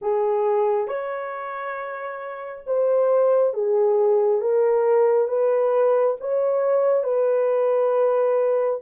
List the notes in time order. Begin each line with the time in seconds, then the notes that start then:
0.01 G#4
0.87 C#5
2.66 C5
3.53 G#4
4.41 A#4
5.27 B4
6.20 C#5
7.03 B4